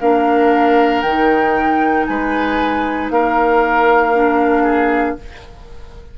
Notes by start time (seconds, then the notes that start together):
0.00 A#3 D4 A#4 F5
1.02 D#3 D#4 G5
2.07 G#3 B4 G#5
3.11 A#3 A#4 F5
4.15 D4
4.63 G#4